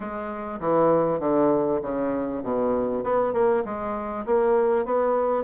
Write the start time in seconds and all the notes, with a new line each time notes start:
0.00 G#3
0.60 E3
1.19 D3
1.82 C#3
2.42 B2
3.03 B3
3.33 A#3
3.64 G#3
4.25 A#3
4.85 B3